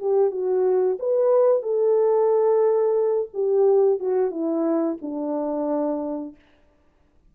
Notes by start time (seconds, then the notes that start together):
0.00 G4
0.31 F#4
1.00 B4
1.63 A4
3.34 G4
4.00 F#4
4.31 E4
5.02 D4